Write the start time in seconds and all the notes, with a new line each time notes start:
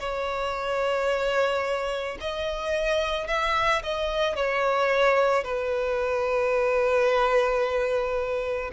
0.00 C#5
2.21 D#5
3.28 E5
3.83 D#5
4.36 C#5
5.44 B4